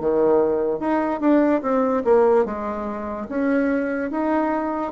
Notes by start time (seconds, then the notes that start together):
0.00 D#3
0.80 D#4
1.21 D4
1.62 C4
2.04 A#3
2.45 G#3
3.29 C#4
4.11 D#4